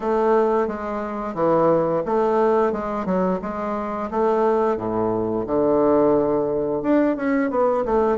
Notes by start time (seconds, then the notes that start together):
0.00 A3
0.67 G#3
1.34 E3
2.05 A3
2.72 G#3
3.05 F#3
3.41 G#3
4.10 A3
4.76 A2
5.46 D3
6.82 D4
7.16 C#4
7.50 B3
7.85 A3